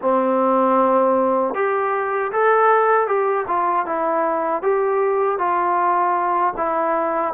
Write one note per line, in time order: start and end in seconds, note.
0.01 1.54 C4
1.54 2.31 G4
2.32 3.07 A4
3.07 3.45 G4
3.47 3.86 F4
3.86 4.62 E4
4.62 5.38 G4
5.38 6.53 F4
6.56 7.33 E4